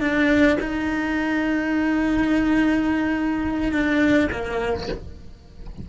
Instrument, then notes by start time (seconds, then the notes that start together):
cello
0.00 D4
0.60 D#4
3.72 D4
4.31 A#3